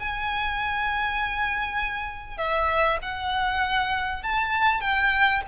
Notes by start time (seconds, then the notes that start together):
0.00 G#5
2.38 E5
3.02 F#5
4.23 A5
4.82 G5